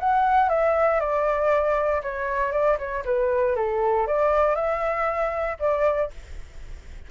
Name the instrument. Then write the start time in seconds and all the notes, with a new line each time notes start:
flute
0.00 F#5
0.49 E5
1.01 D5
2.03 C#5
2.52 D5
2.79 C#5
3.05 B4
3.56 A4
4.07 D5
4.56 E5
5.60 D5